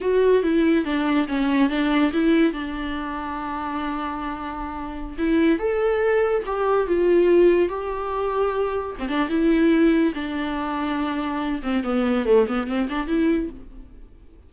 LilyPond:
\new Staff \with { instrumentName = "viola" } { \time 4/4 \tempo 4 = 142 fis'4 e'4 d'4 cis'4 | d'4 e'4 d'2~ | d'1~ | d'16 e'4 a'2 g'8.~ |
g'16 f'2 g'4.~ g'16~ | g'4~ g'16 c'16 d'8 e'2 | d'2.~ d'8 c'8 | b4 a8 b8 c'8 d'8 e'4 | }